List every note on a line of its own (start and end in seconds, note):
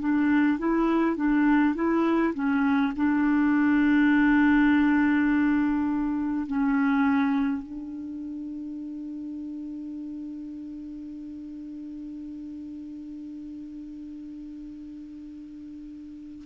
0.00 0.59 D4
0.59 1.17 E4
1.17 1.75 D4
1.75 2.34 E4
2.35 2.94 C#4
2.97 6.47 D4
6.47 7.63 C#4
7.63 16.45 D4